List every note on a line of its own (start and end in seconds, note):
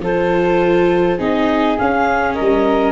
0.00 1.18 F3
0.00 1.19 F4
0.00 1.18 A4
0.00 1.20 C5
1.18 1.79 C4
1.18 1.78 D#4
1.18 2.35 G#4
1.18 1.78 D#5
1.78 2.92 C#4
1.78 2.39 C#4
1.78 2.34 F5
2.34 2.92 A#4
2.34 2.92 D#5
2.40 2.92 G3